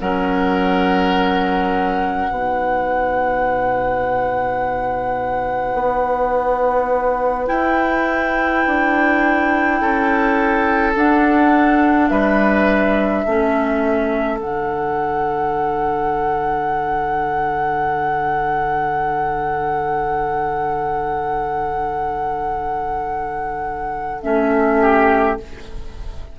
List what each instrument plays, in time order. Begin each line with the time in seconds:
0.00 bassoon F#3, clarinet C#4, oboe A#4, flute F#5
2.29 bassoon B2, clarinet D#4, oboe B4
5.74 bassoon B3
7.46 clarinet E4, bassoon E4, flute G5
8.66 bassoon D4
9.81 bassoon C#4, oboe A4
10.95 bassoon D4, clarinet D4, flute F#5
12.08 bassoon G3, oboe B4, flute E5
13.24 bassoon A3, clarinet C#4, oboe A4
14.39 bassoon D3, clarinet D4, flute F#5
24.22 bassoon A3, clarinet C#4, flute E5
24.81 oboe G4